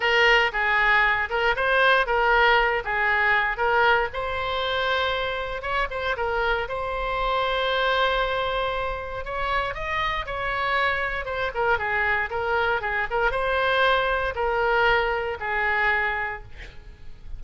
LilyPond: \new Staff \with { instrumentName = "oboe" } { \time 4/4 \tempo 4 = 117 ais'4 gis'4. ais'8 c''4 | ais'4. gis'4. ais'4 | c''2. cis''8 c''8 | ais'4 c''2.~ |
c''2 cis''4 dis''4 | cis''2 c''8 ais'8 gis'4 | ais'4 gis'8 ais'8 c''2 | ais'2 gis'2 | }